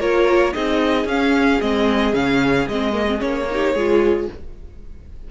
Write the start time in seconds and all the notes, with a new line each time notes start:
0.00 A#3 F4 A#4 C#5
0.53 C4 D#4 G#4 D#5
1.05 C#4 F5
1.61 G#3 C4 D#5
2.13 C#3 C#4 F5
2.68 G#3 C4 D#5
2.93 A#3
3.07 C4
3.18 A#3 C#4 C#5
3.50 D#4 G4
3.74 G#3 F4 G#4